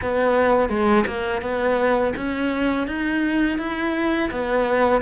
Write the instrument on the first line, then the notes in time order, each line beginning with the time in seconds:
cello
0.01 B3
0.69 G#3
1.06 A#3
1.41 B3
2.16 C#4
2.87 D#4
3.58 E4
4.30 B3